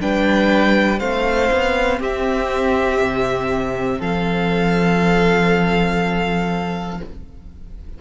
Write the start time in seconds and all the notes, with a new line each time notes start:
0.00 G3 D4 B4 G5
0.99 A3 C4 C5 F5
1.51 B3
1.99 C4 G4 E5
3.01 C3
3.98 F3 A4 F5